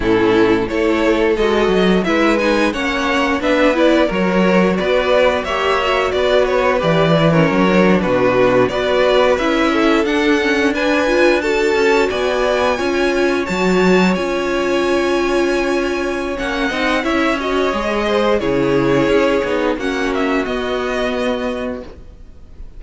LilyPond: <<
  \new Staff \with { instrumentName = "violin" } { \time 4/4 \tempo 4 = 88 a'4 cis''4 dis''4 e''8 gis''8 | fis''4 e''8 d''8 cis''4 d''4 | e''4 d''8 cis''8 d''8. cis''4 b'16~ | b'8. d''4 e''4 fis''4 gis''16~ |
gis''8. a''4 gis''2 a''16~ | a''8. gis''2.~ gis''16 | fis''4 e''8 dis''4. cis''4~ | cis''4 fis''8 e''8 dis''2 | }
  \new Staff \with { instrumentName = "violin" } { \time 4/4 e'4 a'2 b'4 | cis''4 b'4 ais'4 b'4 | cis''4 b'4.~ b'16 ais'4 fis'16~ | fis'8. b'4. a'4. b'16~ |
b'8. a'4 d''4 cis''4~ cis''16~ | cis''1~ | cis''8 dis''8 cis''4. c''8 gis'4~ | gis'4 fis'2. | }
  \new Staff \with { instrumentName = "viola" } { \time 4/4 cis'4 e'4 fis'4 e'8 dis'8 | cis'4 d'8 e'8 fis'2 | g'8 fis'4. g'8 e'16 cis'8 d'8.~ | d'8. fis'4 e'4 d'8 cis'8 d'16~ |
d'16 f'8 fis'2 f'4 fis'16~ | fis'8. f'2.~ f'16 | cis'8 dis'8 e'8 fis'8 gis'4 e'4~ | e'8 dis'8 cis'4 b2 | }
  \new Staff \with { instrumentName = "cello" } { \time 4/4 a,4 a4 gis8 fis8 gis4 | ais4 b4 fis4 b4 | ais4 b4 e4 fis8. b,16~ | b,8. b4 cis'4 d'4~ d'16~ |
d'4~ d'16 cis'8 b4 cis'4 fis16~ | fis8. cis'2.~ cis'16 | ais8 c'8 cis'4 gis4 cis4 | cis'8 b8 ais4 b2 | }
>>